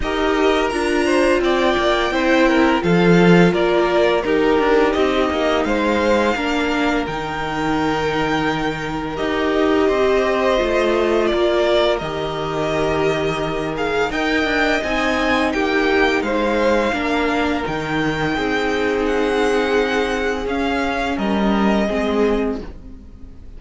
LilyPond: <<
  \new Staff \with { instrumentName = "violin" } { \time 4/4 \tempo 4 = 85 dis''4 ais''4 g''2 | f''4 d''4 ais'4 dis''4 | f''2 g''2~ | g''4 dis''2. |
d''4 dis''2~ dis''8 f''8 | g''4 gis''4 g''4 f''4~ | f''4 g''2 fis''4~ | fis''4 f''4 dis''2 | }
  \new Staff \with { instrumentName = "violin" } { \time 4/4 ais'4. c''8 d''4 c''8 ais'8 | a'4 ais'4 g'2 | c''4 ais'2.~ | ais'2 c''2 |
ais'1 | dis''2 g'4 c''4 | ais'2 gis'2~ | gis'2 ais'4 gis'4 | }
  \new Staff \with { instrumentName = "viola" } { \time 4/4 g'4 f'2 e'4 | f'2 dis'2~ | dis'4 d'4 dis'2~ | dis'4 g'2 f'4~ |
f'4 g'2~ g'8 gis'8 | ais'4 dis'2. | d'4 dis'2.~ | dis'4 cis'2 c'4 | }
  \new Staff \with { instrumentName = "cello" } { \time 4/4 dis'4 d'4 c'8 ais8 c'4 | f4 ais4 dis'8 d'8 c'8 ais8 | gis4 ais4 dis2~ | dis4 dis'4 c'4 a4 |
ais4 dis2. | dis'8 d'8 c'4 ais4 gis4 | ais4 dis4 c'2~ | c'4 cis'4 g4 gis4 | }
>>